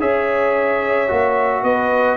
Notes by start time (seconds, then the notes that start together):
0.00 C#4 G#4 C#5 E5
1.09 A#3 F#4
1.63 B3 B4 D#5